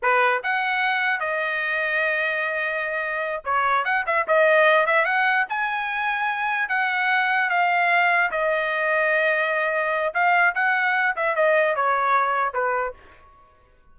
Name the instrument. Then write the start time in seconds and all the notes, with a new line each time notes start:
trumpet
0.02 B4
0.43 F#5
1.20 D#5
3.44 C#5
3.84 F#5
4.06 E5
4.27 D#5
4.86 E5
5.05 F#5
5.49 G#5
6.68 F#5
7.49 F5
8.31 D#5
10.14 F5
10.54 F#5
11.16 E5
11.35 D#5
11.75 C#5
12.53 B4